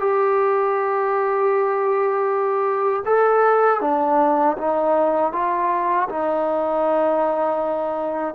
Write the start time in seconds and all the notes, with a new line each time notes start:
0.00 G4
3.06 A4
3.81 D4
4.58 D#4
5.33 F4
6.09 D#4